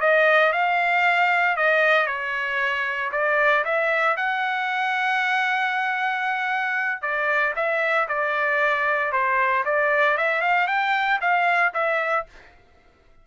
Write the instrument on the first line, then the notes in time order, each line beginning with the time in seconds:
trumpet
0.00 D#5
0.52 F5
1.56 D#5
2.06 C#5
3.12 D5
3.65 E5
4.16 F#5
7.02 D5
7.55 E5
8.08 D5
9.12 C5
9.65 D5
10.17 E5
10.41 F5
10.67 G5
11.21 F5
11.74 E5